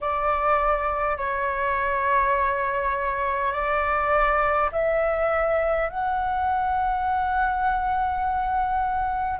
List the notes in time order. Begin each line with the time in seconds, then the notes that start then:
0.01 D5
1.17 C#5
3.52 D5
4.72 E5
5.89 F#5